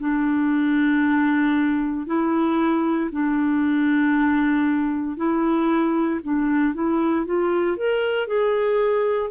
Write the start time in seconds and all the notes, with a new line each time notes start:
0.00 D4
2.07 E4
3.12 D4
5.17 E4
6.24 D4
6.74 E4
7.26 F4
7.77 A#4
8.28 G#4